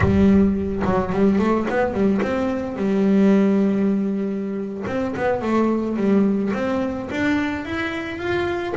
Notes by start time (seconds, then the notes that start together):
0.00 G3
0.85 F#3
1.12 G3
1.38 A3
1.69 B3
1.93 G3
2.22 C4
2.76 G3
4.86 C4
5.16 B3
5.41 A3
5.96 G3
6.53 C4
7.10 D4
7.65 E4
8.18 F4